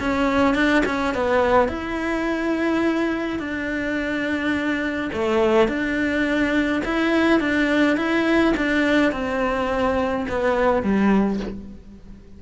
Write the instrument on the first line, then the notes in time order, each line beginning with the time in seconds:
cello
0.00 C#4
0.55 D4
0.86 C#4
1.15 B3
1.69 E4
3.39 D4
5.13 A3
5.68 D4
6.85 E4
7.40 D4
7.97 E4
8.57 D4
9.12 C4
10.29 B3
10.83 G3